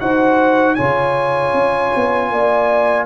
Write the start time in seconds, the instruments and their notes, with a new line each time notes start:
0.00 tuba D#4, trombone F#4, horn C5, trumpet F#5
0.75 tuba C#3, trombone F4, horn C#5, trumpet G#5
1.54 tuba C#4
1.96 tuba B3
2.31 tuba A#3, horn D5